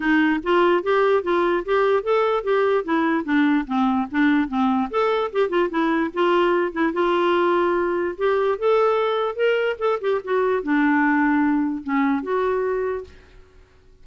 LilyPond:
\new Staff \with { instrumentName = "clarinet" } { \time 4/4 \tempo 4 = 147 dis'4 f'4 g'4 f'4 | g'4 a'4 g'4 e'4 | d'4 c'4 d'4 c'4 | a'4 g'8 f'8 e'4 f'4~ |
f'8 e'8 f'2. | g'4 a'2 ais'4 | a'8 g'8 fis'4 d'2~ | d'4 cis'4 fis'2 | }